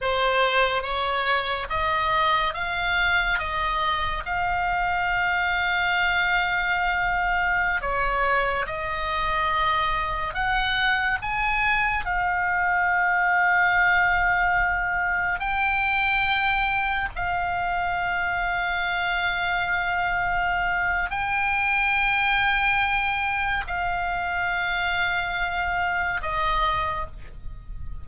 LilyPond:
\new Staff \with { instrumentName = "oboe" } { \time 4/4 \tempo 4 = 71 c''4 cis''4 dis''4 f''4 | dis''4 f''2.~ | f''4~ f''16 cis''4 dis''4.~ dis''16~ | dis''16 fis''4 gis''4 f''4.~ f''16~ |
f''2~ f''16 g''4.~ g''16~ | g''16 f''2.~ f''8.~ | f''4 g''2. | f''2. dis''4 | }